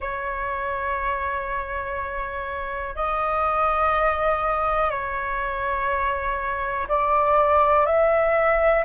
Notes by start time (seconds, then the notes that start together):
0.00 C#5
2.95 D#5
4.90 C#5
6.88 D5
7.86 E5